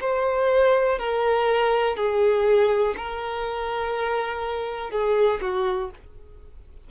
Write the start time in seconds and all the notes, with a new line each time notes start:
0.00 C5
0.98 A#4
1.96 G#4
2.97 A#4
4.90 G#4
5.41 F#4